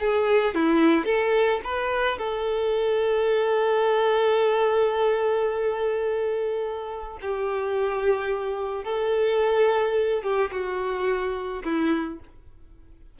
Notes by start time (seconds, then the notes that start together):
0.00 G#4
0.55 E4
1.05 A4
1.64 B4
2.18 A4
7.22 G4
8.84 A4
10.23 G4
10.52 F#4
11.64 E4